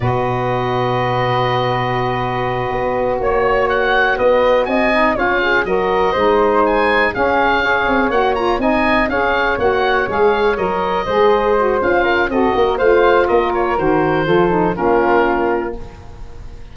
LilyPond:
<<
  \new Staff \with { instrumentName = "oboe" } { \time 4/4 \tempo 4 = 122 dis''1~ | dis''2~ dis''8 cis''4 fis''8~ | fis''8 dis''4 gis''4 f''4 dis''8~ | dis''4. gis''4 f''4.~ |
f''8 fis''8 ais''8 gis''4 f''4 fis''8~ | fis''8 f''4 dis''2~ dis''8 | f''4 dis''4 f''4 dis''8 cis''8 | c''2 ais'2 | }
  \new Staff \with { instrumentName = "flute" } { \time 4/4 b'1~ | b'2~ b'8 cis''4.~ | cis''8 b'4 dis''4 cis''8 gis'8 ais'8~ | ais'8 c''2 gis'4 cis''8~ |
cis''4. dis''4 cis''4.~ | cis''2~ cis''8 c''4.~ | c''8 ais'8 a'8 ais'8 c''4 ais'4~ | ais'4 a'4 f'2 | }
  \new Staff \with { instrumentName = "saxophone" } { \time 4/4 fis'1~ | fis'1~ | fis'2 dis'8 f'4 fis'8~ | fis'8 dis'2 cis'4 gis'8~ |
gis'8 fis'8 f'8 dis'4 gis'4 fis'8~ | fis'8 gis'4 ais'4 gis'4 fis'8 | f'4 fis'4 f'2 | fis'4 f'8 dis'8 cis'2 | }
  \new Staff \with { instrumentName = "tuba" } { \time 4/4 b,1~ | b,4. b4 ais4.~ | ais8 b4 c'4 cis'4 fis8~ | fis8 gis2 cis'4. |
c'8 ais4 c'4 cis'4 ais8~ | ais8 gis4 fis4 gis4. | cis'4 c'8 ais8 a4 ais4 | dis4 f4 ais2 | }
>>